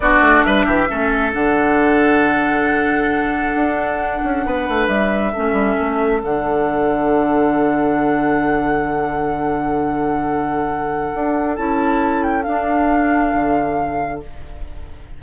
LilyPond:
<<
  \new Staff \with { instrumentName = "flute" } { \time 4/4 \tempo 4 = 135 d''4 e''2 fis''4~ | fis''1~ | fis''2. e''4~ | e''2 fis''2~ |
fis''1~ | fis''1~ | fis''2 a''4. g''8 | f''1 | }
  \new Staff \with { instrumentName = "oboe" } { \time 4/4 fis'4 b'8 g'8 a'2~ | a'1~ | a'2 b'2 | a'1~ |
a'1~ | a'1~ | a'1~ | a'1 | }
  \new Staff \with { instrumentName = "clarinet" } { \time 4/4 d'2 cis'4 d'4~ | d'1~ | d'1 | cis'2 d'2~ |
d'1~ | d'1~ | d'2 e'2 | d'1 | }
  \new Staff \with { instrumentName = "bassoon" } { \time 4/4 b8 a8 g8 e8 a4 d4~ | d1 | d'4. cis'8 b8 a8 g4 | a8 g8 a4 d2~ |
d1~ | d1~ | d4 d'4 cis'2 | d'2 d2 | }
>>